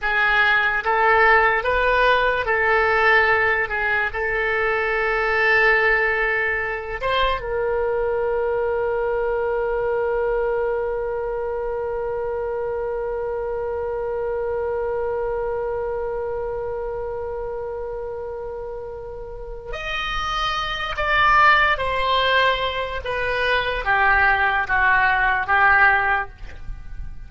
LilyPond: \new Staff \with { instrumentName = "oboe" } { \time 4/4 \tempo 4 = 73 gis'4 a'4 b'4 a'4~ | a'8 gis'8 a'2.~ | a'8 c''8 ais'2.~ | ais'1~ |
ais'1~ | ais'1 | dis''4. d''4 c''4. | b'4 g'4 fis'4 g'4 | }